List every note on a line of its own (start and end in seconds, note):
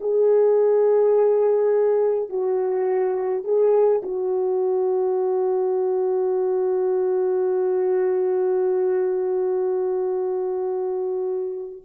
0.00 2.29 G#4
2.29 3.44 F#4
3.44 4.01 G#4
4.03 11.82 F#4